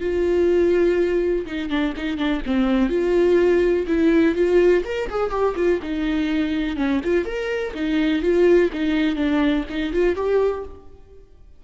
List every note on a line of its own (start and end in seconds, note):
0.00 1.45 F4
1.46 1.69 D#4
1.69 1.94 D4
1.96 2.17 D#4
2.17 2.41 D4
2.46 2.89 C4
2.89 3.86 F4
3.87 4.35 E4
4.35 4.83 F4
4.85 5.09 A#4
5.09 5.30 G#4
5.30 5.54 G4
5.55 5.80 F4
5.82 6.76 D#4
6.76 7.01 C#4
7.04 7.25 F4
7.25 7.73 A#4
7.74 8.22 D#4
8.22 8.70 F4
8.73 9.16 D#4
9.16 9.64 D4
9.69 9.92 D#4
9.92 10.15 F4
10.15 10.64 G4